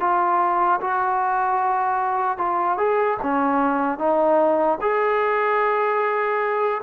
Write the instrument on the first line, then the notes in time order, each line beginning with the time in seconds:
trombone
0.00 F4
0.81 F#4
2.37 F4
2.77 G#4
3.23 C#4
3.98 D#4
4.81 G#4